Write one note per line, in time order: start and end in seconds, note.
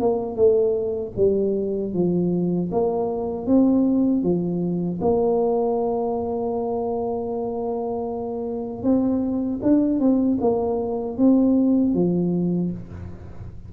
0.00 0.35 A#3
0.35 1.12 A3
1.16 1.93 G3
1.93 2.70 F3
2.72 3.47 A#3
3.47 4.23 C4
4.23 5.00 F3
5.01 8.83 A#3
8.83 9.60 C4
9.63 10.00 D4
10.00 10.38 C4
10.41 11.17 A#3
11.17 11.94 C4
11.94 12.71 F3